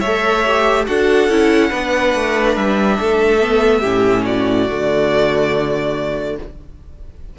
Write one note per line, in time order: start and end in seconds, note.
0.00 0.88 A3
0.00 0.46 A4
0.00 0.85 C#5
0.00 0.85 E5
0.47 0.87 G4
0.87 1.29 D4
0.87 1.29 F#4
0.87 1.70 A4
0.87 2.56 F#5
1.29 1.71 C#4
1.29 1.71 E4
1.70 2.15 B3
1.70 3.40 D4
1.70 2.97 B4
2.15 2.57 A3
2.56 2.99 G3
2.56 4.25 E5
3.00 3.84 A3
3.00 3.81 A4
3.40 3.83 B3
3.81 4.69 A2
3.81 4.68 C#4
3.81 4.23 G4
4.25 6.37 F#4
4.25 6.37 D5
4.69 6.39 D3
4.69 6.38 A3